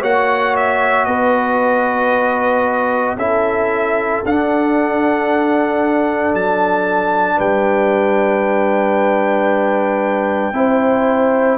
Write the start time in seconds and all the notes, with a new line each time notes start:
0.00 A#3 F#4 C#5 F#5
0.56 E5
1.05 B3 B4 D#5
3.16 C#4 E4 A4 E5
4.24 D4 F#5
6.33 F#3 A5
7.36 G3 B4 G5
10.53 C4 E4 C5